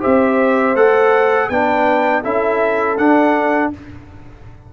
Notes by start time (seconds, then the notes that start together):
0.00 C4 G4 C5 E5
0.75 A3 A4 F#5
1.49 B3 D4 B4 G5
2.23 C#4 E4 A4 E5
2.97 D4 F#5